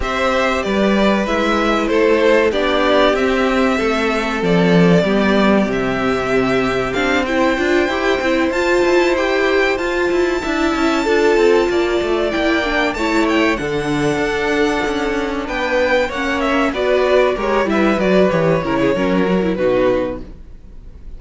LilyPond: <<
  \new Staff \with { instrumentName = "violin" } { \time 4/4 \tempo 4 = 95 e''4 d''4 e''4 c''4 | d''4 e''2 d''4~ | d''4 e''2 f''8 g''8~ | g''4. a''4 g''4 a''8~ |
a''2.~ a''8 g''8~ | g''8 a''8 g''8 fis''2~ fis''8~ | fis''8 g''4 fis''8 e''8 d''4 cis''8 | e''8 d''8 cis''2 b'4 | }
  \new Staff \with { instrumentName = "violin" } { \time 4/4 c''4 b'2 a'4 | g'2 a'2 | g'2.~ g'8 c''8~ | c''1~ |
c''8 e''4 a'4 d''4.~ | d''8 cis''4 a'2~ a'8~ | a'8 b'4 cis''4 b'4 ais'8 | b'4. ais'16 gis'16 ais'4 fis'4 | }
  \new Staff \with { instrumentName = "viola" } { \time 4/4 g'2 e'2 | d'4 c'2. | b4 c'2 d'8 e'8 | f'8 g'8 e'8 f'4 g'4 f'8~ |
f'8 e'4 f'2 e'8 | d'8 e'4 d'2~ d'8~ | d'4. cis'4 fis'4 g'8 | e'8 fis'8 g'8 e'8 cis'8 fis'16 e'16 dis'4 | }
  \new Staff \with { instrumentName = "cello" } { \time 4/4 c'4 g4 gis4 a4 | b4 c'4 a4 f4 | g4 c2 c'4 | d'8 e'8 c'8 f'8 e'4. f'8 |
e'8 d'8 cis'8 d'8 c'8 ais8 a8 ais8~ | ais8 a4 d4 d'4 cis'8~ | cis'8 b4 ais4 b4 gis8 | g8 fis8 e8 cis8 fis4 b,4 | }
>>